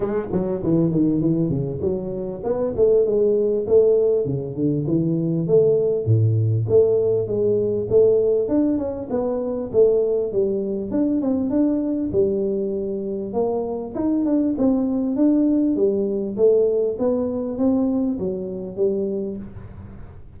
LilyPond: \new Staff \with { instrumentName = "tuba" } { \time 4/4 \tempo 4 = 99 gis8 fis8 e8 dis8 e8 cis8 fis4 | b8 a8 gis4 a4 cis8 d8 | e4 a4 a,4 a4 | gis4 a4 d'8 cis'8 b4 |
a4 g4 d'8 c'8 d'4 | g2 ais4 dis'8 d'8 | c'4 d'4 g4 a4 | b4 c'4 fis4 g4 | }